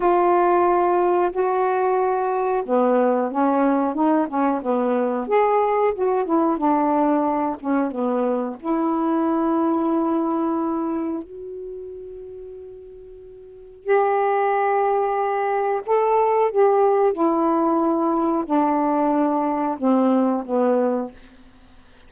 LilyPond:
\new Staff \with { instrumentName = "saxophone" } { \time 4/4 \tempo 4 = 91 f'2 fis'2 | b4 cis'4 dis'8 cis'8 b4 | gis'4 fis'8 e'8 d'4. cis'8 | b4 e'2.~ |
e'4 fis'2.~ | fis'4 g'2. | a'4 g'4 e'2 | d'2 c'4 b4 | }